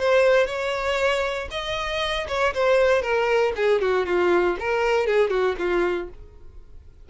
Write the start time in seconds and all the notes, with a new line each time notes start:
0.00 C5
0.47 C#5
1.51 D#5
2.28 C#5
2.54 C5
3.02 A#4
3.56 G#4
3.81 F#4
4.06 F4
4.60 A#4
5.07 G#4
5.30 F#4
5.59 F4